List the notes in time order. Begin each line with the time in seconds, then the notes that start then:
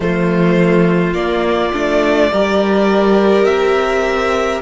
0.00 F3 A3 F4 C5
1.14 A#3 D5
1.73 A3 D4
2.31 G3 G4 A#4
3.44 C4 E5